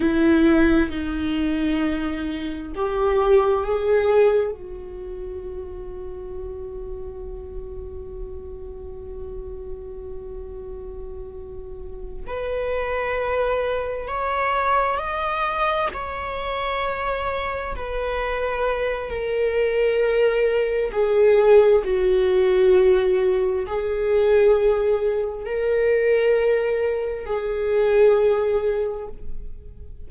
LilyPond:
\new Staff \with { instrumentName = "viola" } { \time 4/4 \tempo 4 = 66 e'4 dis'2 g'4 | gis'4 fis'2.~ | fis'1~ | fis'4. b'2 cis''8~ |
cis''8 dis''4 cis''2 b'8~ | b'4 ais'2 gis'4 | fis'2 gis'2 | ais'2 gis'2 | }